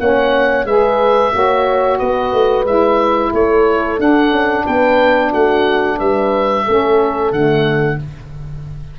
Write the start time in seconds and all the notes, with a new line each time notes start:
0.00 A#3 C#4 C#5 F#5
0.65 G#3 G#4 B4 E5
1.32 A#3 F#4 C#5
1.99 B3 B4 D#5
2.33 A3
2.65 G#3 E4 E5
3.33 A3 A4 C#5
3.98 D4 F#5
4.32 C#4
4.66 B3 B4 G5
5.31 A3 F#4 F#5
5.99 G3 B4 E5
6.65 A3 C#4 A4
7.32 D3 A3 F#5